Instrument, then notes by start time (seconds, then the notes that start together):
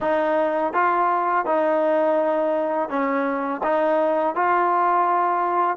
trombone
0.00 D#4
0.73 F4
1.45 D#4
2.89 C#4
3.63 D#4
4.35 F4